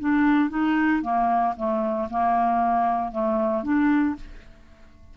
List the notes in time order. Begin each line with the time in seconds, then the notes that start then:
0.00 D4
0.50 D#4
1.02 A#3
1.57 A3
2.10 A#3
3.12 A3
3.63 D4